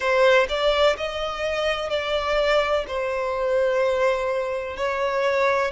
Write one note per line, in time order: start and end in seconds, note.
0.00 0.46 C5
0.48 0.96 D5
0.97 1.89 D#5
1.89 2.84 D5
2.87 4.76 C5
4.76 5.71 C#5